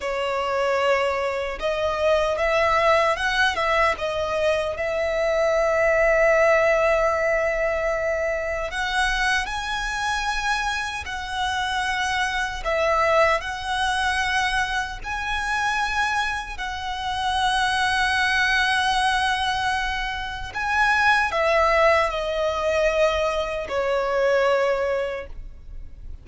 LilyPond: \new Staff \with { instrumentName = "violin" } { \time 4/4 \tempo 4 = 76 cis''2 dis''4 e''4 | fis''8 e''8 dis''4 e''2~ | e''2. fis''4 | gis''2 fis''2 |
e''4 fis''2 gis''4~ | gis''4 fis''2.~ | fis''2 gis''4 e''4 | dis''2 cis''2 | }